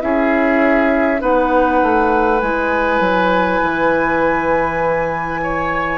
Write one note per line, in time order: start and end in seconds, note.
0.00 1.22 C#4
0.00 1.19 E4
0.00 1.21 G#4
0.00 1.21 E5
1.19 1.82 B3
1.19 2.39 D#4
1.19 5.41 B4
1.19 2.40 F#5
1.82 2.42 A3
2.39 3.00 G#3
2.39 5.98 E4
2.39 5.98 G#5
3.00 3.60 F#3
3.62 5.98 E3
5.42 5.98 C#5